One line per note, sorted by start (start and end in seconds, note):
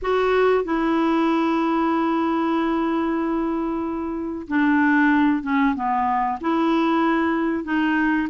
0.01 0.64 F#4
0.64 4.47 E4
4.47 5.43 D4
5.43 5.74 C#4
5.74 6.38 B3
6.40 7.64 E4
7.64 8.27 D#4